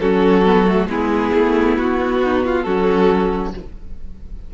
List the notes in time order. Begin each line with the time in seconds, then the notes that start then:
0.00 F#3 C#4 F#4 A4
0.45 B3
0.67 A3
0.87 G#3 B3 E4 G#4
1.34 A3
1.78 B3 F#4
2.24 D#4
2.45 F4
2.62 F#3 C#4 F#4 A4